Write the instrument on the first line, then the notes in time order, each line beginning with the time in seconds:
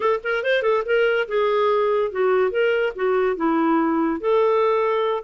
clarinet
0.00 A4
0.23 A#4
0.43 C5
0.62 A4
0.85 A#4
1.28 G#4
2.11 F#4
2.51 A#4
2.95 F#4
3.36 E4
4.20 A4